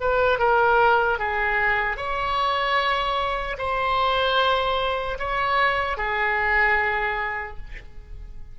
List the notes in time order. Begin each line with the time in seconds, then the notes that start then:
0.00 B4
0.39 A#4
1.19 G#4
1.96 C#5
3.58 C5
5.19 C#5
5.97 G#4